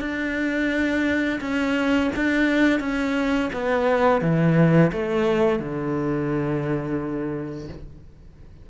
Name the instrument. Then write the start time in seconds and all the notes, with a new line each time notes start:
cello
0.00 D4
1.40 C#4
2.15 D4
2.80 C#4
3.53 B3
4.21 E3
4.92 A3
5.59 D3